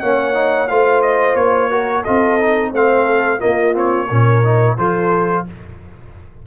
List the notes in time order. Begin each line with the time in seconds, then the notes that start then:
0.00 A#3 C#4 C#5 F#5
0.34 D#4
0.68 A3 F4 C5 F5
1.02 D#5
1.35 A#3 C#5
1.70 F#4 A#4
2.03 C4 F4 A4 D#5
2.40 D#4
2.72 A3 C4 C5 F5
3.04 A4
3.39 A#3 F4 D#5
3.73 C4 C#5
4.08 A#2 C#4 A#4
4.44 D#4
4.78 F3 F4 A4 C5